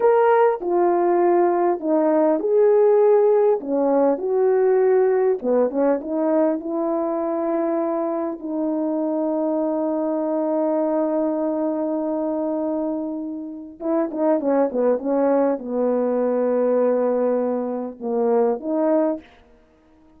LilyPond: \new Staff \with { instrumentName = "horn" } { \time 4/4 \tempo 4 = 100 ais'4 f'2 dis'4 | gis'2 cis'4 fis'4~ | fis'4 b8 cis'8 dis'4 e'4~ | e'2 dis'2~ |
dis'1~ | dis'2. e'8 dis'8 | cis'8 b8 cis'4 b2~ | b2 ais4 dis'4 | }